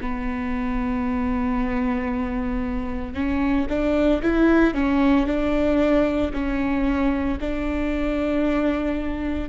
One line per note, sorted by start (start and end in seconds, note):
0.00 3.13 B3
3.13 3.66 C#4
3.69 4.22 D4
4.22 4.74 E4
4.74 5.26 C#4
5.26 6.31 D4
6.33 7.38 C#4
7.40 9.49 D4